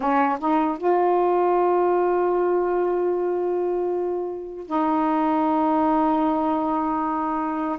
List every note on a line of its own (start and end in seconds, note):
0.00 0.38 C#4
0.39 0.77 D#4
0.77 4.66 F4
4.66 7.78 D#4